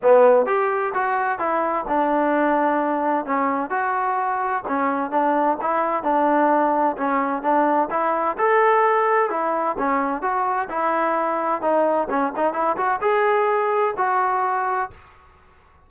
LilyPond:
\new Staff \with { instrumentName = "trombone" } { \time 4/4 \tempo 4 = 129 b4 g'4 fis'4 e'4 | d'2. cis'4 | fis'2 cis'4 d'4 | e'4 d'2 cis'4 |
d'4 e'4 a'2 | e'4 cis'4 fis'4 e'4~ | e'4 dis'4 cis'8 dis'8 e'8 fis'8 | gis'2 fis'2 | }